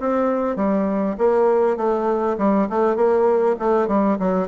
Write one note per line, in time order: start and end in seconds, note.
0.00 0.56 C4
0.56 1.16 G3
1.18 1.77 A#3
1.77 2.37 A3
2.38 2.68 G3
2.70 2.96 A3
2.96 3.56 A#3
3.59 3.88 A3
3.88 4.18 G3
4.19 4.48 F#3